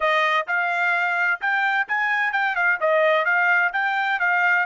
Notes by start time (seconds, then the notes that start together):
0.00 D#5
0.47 F5
1.40 G5
1.88 G#5
2.32 G5
2.55 F5
2.80 D#5
3.25 F5
3.73 G5
4.19 F5